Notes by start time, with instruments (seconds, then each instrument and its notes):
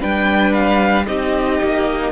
0.00 cello G3, viola D4, violin B4 G5
0.53 violin F5
1.06 cello C4, viola D#4, violin G4 D#5
1.61 cello A#3